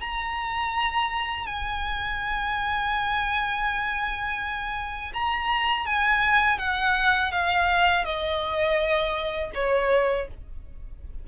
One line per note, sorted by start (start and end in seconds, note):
0.00 1.46 A#5
1.46 5.12 G#5
5.14 5.86 A#5
5.86 6.58 G#5
6.58 7.31 F#5
7.31 8.05 F5
8.05 9.51 D#5
9.54 10.27 C#5